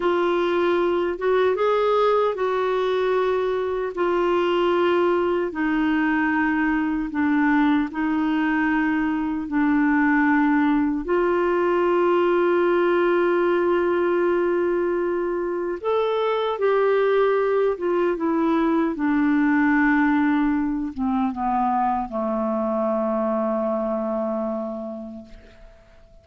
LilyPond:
\new Staff \with { instrumentName = "clarinet" } { \time 4/4 \tempo 4 = 76 f'4. fis'8 gis'4 fis'4~ | fis'4 f'2 dis'4~ | dis'4 d'4 dis'2 | d'2 f'2~ |
f'1 | a'4 g'4. f'8 e'4 | d'2~ d'8 c'8 b4 | a1 | }